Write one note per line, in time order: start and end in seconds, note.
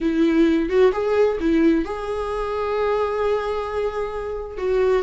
0.01 0.69 E4
0.69 0.92 F#4
0.92 1.38 G#4
1.39 1.84 E4
1.84 4.57 G#4
4.57 5.03 F#4